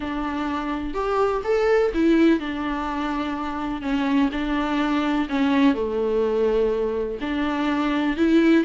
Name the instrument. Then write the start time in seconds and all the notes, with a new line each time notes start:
viola
0.00 D4
0.94 G4
1.44 A4
1.94 E4
2.39 D4
3.81 C#4
4.32 D4
5.29 C#4
5.74 A3
7.20 D4
8.16 E4